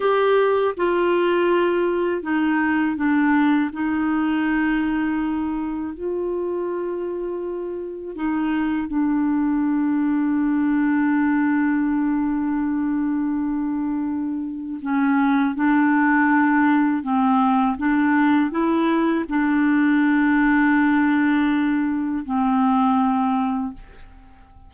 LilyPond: \new Staff \with { instrumentName = "clarinet" } { \time 4/4 \tempo 4 = 81 g'4 f'2 dis'4 | d'4 dis'2. | f'2. dis'4 | d'1~ |
d'1 | cis'4 d'2 c'4 | d'4 e'4 d'2~ | d'2 c'2 | }